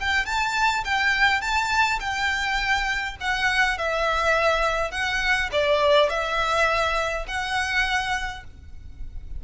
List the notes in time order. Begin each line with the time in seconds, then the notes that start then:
0.00 G5
0.25 A5
0.84 G5
1.41 A5
2.00 G5
3.20 F#5
3.78 E5
4.91 F#5
5.52 D5
6.09 E5
7.27 F#5